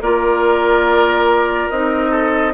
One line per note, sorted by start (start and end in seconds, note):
0.00 1.69 A#3
0.00 1.72 F4
0.00 2.10 A#4
0.00 1.69 D5
1.69 2.54 C4
1.69 2.54 D#4
1.69 2.54 D#5
2.10 2.52 A4